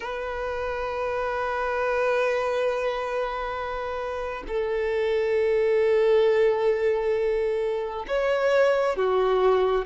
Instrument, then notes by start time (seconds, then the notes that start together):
violin
0.00 B4
4.47 A4
8.07 C#5
8.96 F#4